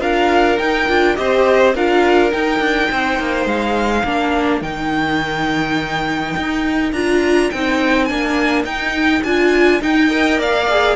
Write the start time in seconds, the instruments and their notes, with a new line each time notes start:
0.00 cello D4, viola F4, violin A#4 F5
0.58 viola D#4, cello D#4, violin G5
0.88 cello D4, viola F4
1.16 cello C4, viola G4, violin C5 D#5
1.74 cello D4, viola F4, violin A#4 F5
2.31 viola D#4, cello D#4, violin G5
2.59 cello D4
2.91 cello C4, violin C5
3.19 cello A#3
3.45 cello G#3, violin F5
4.04 cello A#3, viola D4, violin A#4
4.61 cello D#3, viola D#4, violin G5
6.36 cello D#4
6.92 cello D4, viola F4, violin A#5
7.50 cello C4, viola D#4, violin G5
8.05 cello A#3, viola D4, violin G#5
8.64 cello D#4, viola D#4, violin G5
9.23 cello D4, viola F4, violin G#5
9.81 viola D#4, cello D#4, violin G5
10.09 viola A#4, violin D#5
10.39 cello A#3, violin D5 F5
10.69 viola G#4